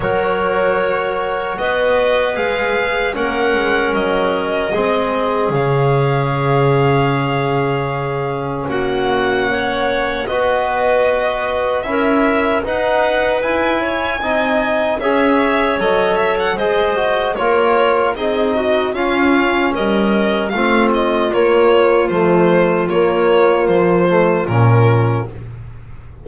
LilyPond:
<<
  \new Staff \with { instrumentName = "violin" } { \time 4/4 \tempo 4 = 76 cis''2 dis''4 f''4 | fis''4 dis''2 f''4~ | f''2. fis''4~ | fis''4 dis''2 e''4 |
fis''4 gis''2 e''4 | dis''8 e''16 fis''16 dis''4 cis''4 dis''4 | f''4 dis''4 f''8 dis''8 cis''4 | c''4 cis''4 c''4 ais'4 | }
  \new Staff \with { instrumentName = "clarinet" } { \time 4/4 ais'2 b'2 | ais'2 gis'2~ | gis'2. fis'4 | cis''4 b'2 ais'4 |
b'4. cis''8 dis''4 cis''4~ | cis''4 c''4 ais'4 gis'8 fis'8 | f'4 ais'4 f'2~ | f'1 | }
  \new Staff \with { instrumentName = "trombone" } { \time 4/4 fis'2. gis'4 | cis'2 c'4 cis'4~ | cis'1~ | cis'4 fis'2 e'4 |
dis'4 e'4 dis'4 gis'4 | a'4 gis'8 fis'8 f'4 dis'4 | cis'2 c'4 ais4 | a4 ais4. a8 cis'4 | }
  \new Staff \with { instrumentName = "double bass" } { \time 4/4 fis2 b4 gis4 | ais8 gis8 fis4 gis4 cis4~ | cis2. ais4~ | ais4 b2 cis'4 |
dis'4 e'4 c'4 cis'4 | fis4 gis4 ais4 c'4 | cis'4 g4 a4 ais4 | f4 ais4 f4 ais,4 | }
>>